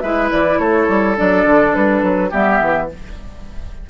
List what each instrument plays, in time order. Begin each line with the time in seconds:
0.00 bassoon G#3, clarinet E4, oboe B4, flute E5
0.31 bassoon E3, flute D5
0.59 bassoon A3, oboe A4, flute C#5
0.88 bassoon G3
1.16 bassoon F#3, clarinet D4, flute D5
1.45 bassoon D3
1.74 bassoon G3, flute B4
2.02 bassoon F#3
2.30 bassoon G3, clarinet B3, oboe G4, flute E5
2.61 bassoon E3